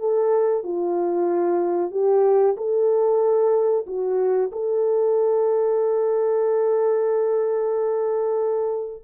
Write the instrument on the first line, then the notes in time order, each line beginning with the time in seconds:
horn
0.00 A4
0.64 F4
1.92 G4
2.57 A4
3.87 F#4
4.52 A4